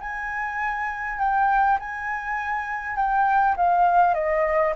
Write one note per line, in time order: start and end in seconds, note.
0.00 1.19 G#5
1.19 1.78 G5
1.79 2.96 G#5
2.96 3.55 G5
3.56 4.14 F5
4.14 4.73 D#5